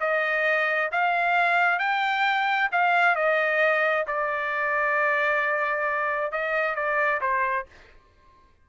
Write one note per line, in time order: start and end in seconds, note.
0.00 0.90 D#5
0.91 1.79 F5
1.79 2.69 G5
2.71 3.15 F5
3.15 4.05 D#5
4.07 6.32 D5
6.32 6.75 D#5
6.75 7.20 D5
7.21 7.66 C5